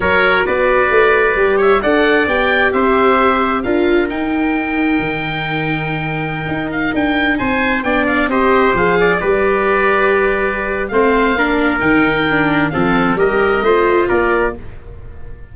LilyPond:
<<
  \new Staff \with { instrumentName = "oboe" } { \time 4/4 \tempo 4 = 132 cis''4 d''2~ d''8 e''8 | fis''4 g''4 e''2 | f''4 g''2.~ | g''2~ g''8. f''8 g''8.~ |
g''16 gis''4 g''8 f''8 dis''4 f''8.~ | f''16 d''2.~ d''8. | f''2 g''2 | f''4 dis''2 d''4 | }
  \new Staff \with { instrumentName = "trumpet" } { \time 4/4 ais'4 b'2~ b'8 cis''8 | d''2 c''2 | ais'1~ | ais'1~ |
ais'16 c''4 d''4 c''4. d''16~ | d''16 b'2.~ b'8. | c''4 ais'2. | a'4 ais'4 c''4 ais'4 | }
  \new Staff \with { instrumentName = "viola" } { \time 4/4 fis'2. g'4 | a'4 g'2. | f'4 dis'2.~ | dis'1~ |
dis'4~ dis'16 d'4 g'4 gis'8.~ | gis'16 g'2.~ g'8. | c'4 d'4 dis'4 d'4 | c'4 g'4 f'2 | }
  \new Staff \with { instrumentName = "tuba" } { \time 4/4 fis4 b4 a4 g4 | d'4 b4 c'2 | d'4 dis'2 dis4~ | dis2~ dis16 dis'4 d'8.~ |
d'16 c'4 b4 c'4 f8.~ | f16 g2.~ g8. | a4 ais4 dis2 | f4 g4 a4 ais4 | }
>>